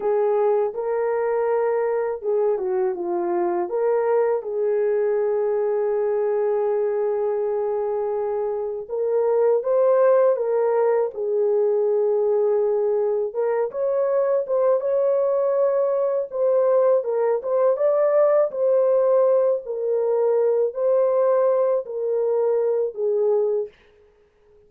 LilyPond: \new Staff \with { instrumentName = "horn" } { \time 4/4 \tempo 4 = 81 gis'4 ais'2 gis'8 fis'8 | f'4 ais'4 gis'2~ | gis'1 | ais'4 c''4 ais'4 gis'4~ |
gis'2 ais'8 cis''4 c''8 | cis''2 c''4 ais'8 c''8 | d''4 c''4. ais'4. | c''4. ais'4. gis'4 | }